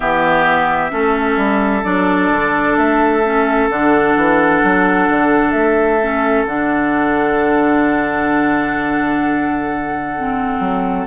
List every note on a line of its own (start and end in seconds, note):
0.00 0.90 E3
0.00 0.90 B3
0.00 0.91 G4
0.00 1.84 E5
0.90 1.36 A3
0.90 1.82 C#4
0.90 11.06 A4
1.36 1.82 G3
1.84 2.31 F#3
1.84 3.22 D4
1.84 2.76 D5
2.31 2.77 D3
2.76 3.69 A3
2.76 3.69 E5
3.24 3.69 C#4
3.69 4.15 D3
3.69 6.00 D4
3.69 5.51 F#5
4.16 4.62 E3
4.63 5.08 F#3
5.08 5.53 D3
5.51 6.45 A3
5.51 6.43 E5
6.01 6.47 C#4
6.45 10.59 D3
6.45 10.17 D4
6.45 11.06 F#5
10.17 11.06 C4
10.59 11.05 F#3